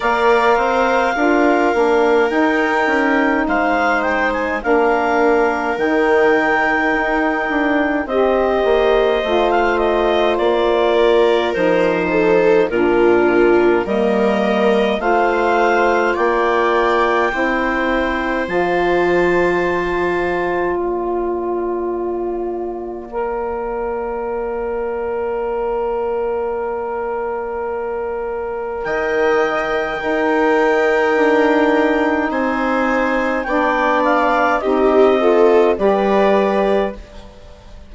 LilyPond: <<
  \new Staff \with { instrumentName = "clarinet" } { \time 4/4 \tempo 4 = 52 f''2 g''4 f''8 g''16 gis''16 | f''4 g''2 dis''4~ | dis''16 f''16 dis''8 d''4 c''4 ais'4 | dis''4 f''4 g''2 |
a''2 f''2~ | f''1~ | f''4 g''2. | gis''4 g''8 f''8 dis''4 d''4 | }
  \new Staff \with { instrumentName = "viola" } { \time 4/4 d''8 c''8 ais'2 c''4 | ais'2. c''4~ | c''4. ais'4 a'8 f'4 | ais'4 c''4 d''4 c''4~ |
c''2 d''2~ | d''1~ | d''4 dis''4 ais'2 | c''4 d''4 g'8 a'8 b'4 | }
  \new Staff \with { instrumentName = "saxophone" } { \time 4/4 ais'4 f'8 d'8 dis'2 | d'4 dis'2 g'4 | f'2 dis'4 d'4 | ais4 f'2 e'4 |
f'1 | ais'1~ | ais'2 dis'2~ | dis'4 d'4 dis'8 f'8 g'4 | }
  \new Staff \with { instrumentName = "bassoon" } { \time 4/4 ais8 c'8 d'8 ais8 dis'8 cis'8 gis4 | ais4 dis4 dis'8 d'8 c'8 ais8 | a4 ais4 f4 ais,4 | g4 a4 ais4 c'4 |
f2 ais2~ | ais1~ | ais4 dis4 dis'4 d'4 | c'4 b4 c'4 g4 | }
>>